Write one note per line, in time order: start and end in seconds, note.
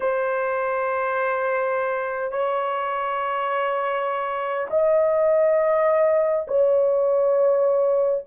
0.00 2.32 C5
2.32 4.67 C#5
4.70 6.46 D#5
6.47 8.24 C#5